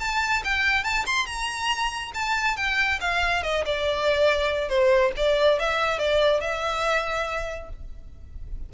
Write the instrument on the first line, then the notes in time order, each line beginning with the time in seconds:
violin
0.00 A5
0.44 G5
0.84 A5
1.06 C6
1.26 A#5
2.14 A5
2.57 G5
3.01 F5
3.43 D#5
3.66 D5
4.69 C5
5.17 D5
5.59 E5
5.99 D5
6.41 E5